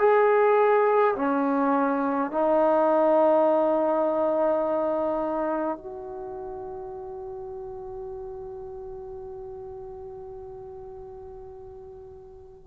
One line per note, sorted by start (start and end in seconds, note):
0.00 1.15 G#4
1.16 2.31 C#4
2.32 5.78 D#4
5.78 12.68 F#4